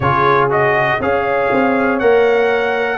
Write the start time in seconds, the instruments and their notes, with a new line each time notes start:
0.00 tuba C#3, trombone F4, horn G#4, trumpet C#5
0.50 trombone F#4, trumpet D#5
1.00 tuba C#4, trombone G#4, horn C#5, trumpet F5
1.51 tuba C4
1.99 tuba A#3, trombone A#4, trumpet F#5